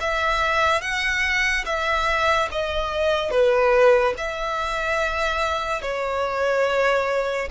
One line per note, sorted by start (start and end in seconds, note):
0.00 0.81 E5
0.81 1.64 F#5
1.65 2.48 E5
2.51 3.30 D#5
3.30 4.14 B4
4.17 5.82 E5
5.82 7.48 C#5